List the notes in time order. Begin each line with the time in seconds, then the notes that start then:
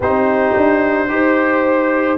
0.00 C4 D#4 G4 C5
0.56 D4
1.08 D#4 G4 C5